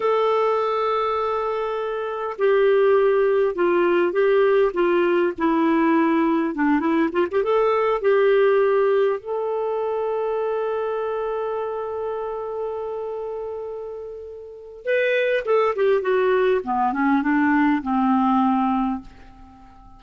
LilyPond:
\new Staff \with { instrumentName = "clarinet" } { \time 4/4 \tempo 4 = 101 a'1 | g'2 f'4 g'4 | f'4 e'2 d'8 e'8 | f'16 g'16 a'4 g'2 a'8~ |
a'1~ | a'1~ | a'4 b'4 a'8 g'8 fis'4 | b8 cis'8 d'4 c'2 | }